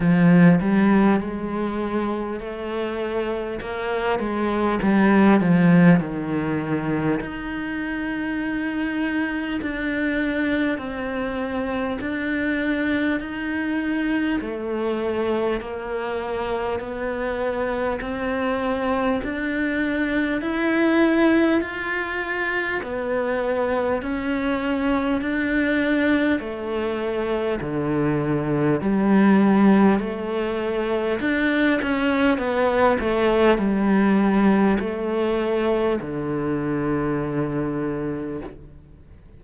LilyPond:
\new Staff \with { instrumentName = "cello" } { \time 4/4 \tempo 4 = 50 f8 g8 gis4 a4 ais8 gis8 | g8 f8 dis4 dis'2 | d'4 c'4 d'4 dis'4 | a4 ais4 b4 c'4 |
d'4 e'4 f'4 b4 | cis'4 d'4 a4 d4 | g4 a4 d'8 cis'8 b8 a8 | g4 a4 d2 | }